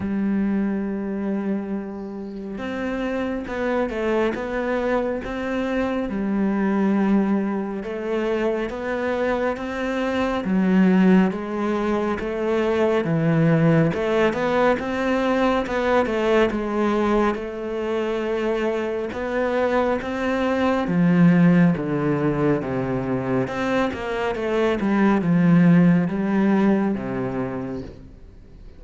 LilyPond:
\new Staff \with { instrumentName = "cello" } { \time 4/4 \tempo 4 = 69 g2. c'4 | b8 a8 b4 c'4 g4~ | g4 a4 b4 c'4 | fis4 gis4 a4 e4 |
a8 b8 c'4 b8 a8 gis4 | a2 b4 c'4 | f4 d4 c4 c'8 ais8 | a8 g8 f4 g4 c4 | }